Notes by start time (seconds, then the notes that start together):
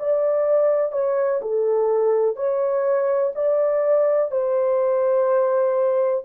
0.00 D5
0.93 C#5
1.42 A4
2.37 C#5
3.36 D5
4.32 C5